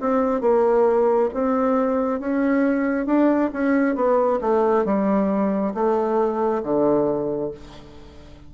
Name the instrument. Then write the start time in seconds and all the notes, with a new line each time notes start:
bassoon
0.00 C4
0.41 A#3
1.34 C4
2.19 C#4
3.06 D4
3.53 C#4
3.95 B3
4.41 A3
4.85 G3
5.74 A3
6.63 D3